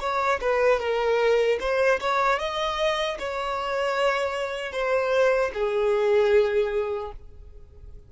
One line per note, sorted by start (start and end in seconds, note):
0.00 0.39 C#5
0.41 0.80 B4
0.80 1.59 A#4
1.60 2.00 C5
2.00 2.39 C#5
2.39 3.18 D#5
3.19 4.72 C#5
4.72 5.51 C5
5.54 7.12 G#4